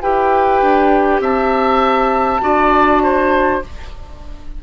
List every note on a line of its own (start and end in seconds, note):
0.00 0.61 E4
0.00 2.40 G4
0.00 1.21 B4
0.00 1.20 G5
0.61 1.20 D4
1.20 2.40 C4
1.20 2.41 E5
1.20 3.62 A5
2.40 3.62 D4
2.40 3.60 F#4
2.40 3.02 D5
3.02 3.62 C5